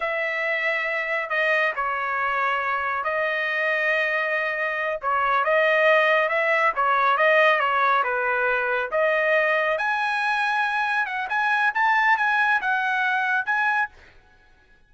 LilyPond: \new Staff \with { instrumentName = "trumpet" } { \time 4/4 \tempo 4 = 138 e''2. dis''4 | cis''2. dis''4~ | dis''2.~ dis''8 cis''8~ | cis''8 dis''2 e''4 cis''8~ |
cis''8 dis''4 cis''4 b'4.~ | b'8 dis''2 gis''4.~ | gis''4. fis''8 gis''4 a''4 | gis''4 fis''2 gis''4 | }